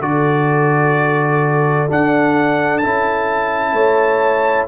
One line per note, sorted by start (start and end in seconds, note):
0.00 1.88 D3
0.00 1.89 F#4
0.00 3.74 A4
0.00 1.89 D5
1.89 2.82 D4
1.89 2.85 D4
1.89 2.78 F#5
2.78 4.68 E4
2.78 4.66 A5
2.85 3.73 C#4
3.73 4.67 A3
3.73 4.68 C#5